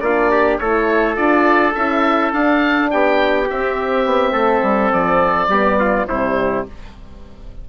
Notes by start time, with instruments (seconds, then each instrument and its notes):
0.00 bassoon A#3, horn D4, trumpet F4, oboe D5
0.31 trumpet G4
0.58 bassoon A3, horn E4, trumpet A4, oboe C#5
1.15 bassoon D4, horn F4, oboe D5
1.75 bassoon C#4, horn E4, oboe E5
2.33 bassoon D4, horn D4, oboe F5
2.91 bassoon B3, trumpet G4, oboe G5
3.50 horn C4, bassoon C4, oboe E5
4.05 bassoon B3
4.32 bassoon A3, trumpet A4
4.62 bassoon G3
4.92 bassoon F3, oboe D5
5.48 bassoon G3, horn B3, trumpet G4
5.80 trumpet F4
6.07 bassoon C3, horn G3, trumpet E4, oboe C5